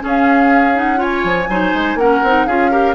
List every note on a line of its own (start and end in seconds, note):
0.00 0.73 C#4
0.00 1.24 C#4
0.00 1.00 G#4
0.07 0.78 F5
0.74 0.96 D#4
0.74 1.02 F#5
0.96 1.45 F4
0.96 1.49 C#5
0.96 1.99 G#5
1.24 1.48 F3
1.48 1.73 F#3
1.48 2.00 D#4
1.48 1.98 C5
1.73 1.95 G#3
1.95 2.19 A#3
1.95 2.24 C#4
1.95 2.47 A#4
1.95 2.46 F#5
2.23 2.47 C4
2.23 2.49 D#4
2.46 2.95 C#4
2.46 2.71 F4
2.46 2.71 G#4
2.46 2.95 F5
2.71 2.95 G4
2.71 2.95 A#4